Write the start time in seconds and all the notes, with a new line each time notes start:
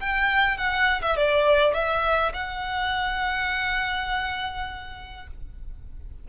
0.00 G5
0.57 F#5
1.02 E5
1.17 D5
1.74 E5
2.33 F#5